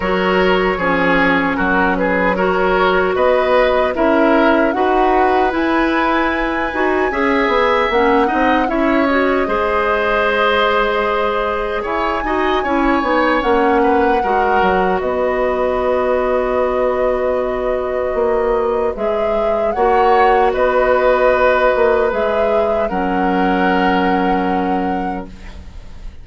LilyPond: <<
  \new Staff \with { instrumentName = "flute" } { \time 4/4 \tempo 4 = 76 cis''2 ais'8 b'8 cis''4 | dis''4 e''4 fis''4 gis''4~ | gis''2 fis''4 e''8 dis''8~ | dis''2. gis''4~ |
gis''4 fis''2 dis''4~ | dis''1 | e''4 fis''4 dis''2 | e''4 fis''2. | }
  \new Staff \with { instrumentName = "oboe" } { \time 4/4 ais'4 gis'4 fis'8 gis'8 ais'4 | b'4 ais'4 b'2~ | b'4 e''4. dis''8 cis''4 | c''2. cis''8 dis''8 |
cis''4. b'8 ais'4 b'4~ | b'1~ | b'4 cis''4 b'2~ | b'4 ais'2. | }
  \new Staff \with { instrumentName = "clarinet" } { \time 4/4 fis'4 cis'2 fis'4~ | fis'4 e'4 fis'4 e'4~ | e'8 fis'8 gis'4 cis'8 dis'8 e'8 fis'8 | gis'2.~ gis'8 fis'8 |
e'8 dis'8 cis'4 fis'2~ | fis'1 | gis'4 fis'2. | gis'4 cis'2. | }
  \new Staff \with { instrumentName = "bassoon" } { \time 4/4 fis4 f4 fis2 | b4 cis'4 dis'4 e'4~ | e'8 dis'8 cis'8 b8 ais8 c'8 cis'4 | gis2. e'8 dis'8 |
cis'8 b8 ais4 gis8 fis8 b4~ | b2. ais4 | gis4 ais4 b4. ais8 | gis4 fis2. | }
>>